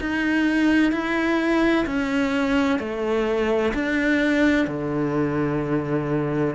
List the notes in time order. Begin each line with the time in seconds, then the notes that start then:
0.00 D#4
0.92 E4
1.86 C#4
2.79 A3
3.74 D4
4.67 D3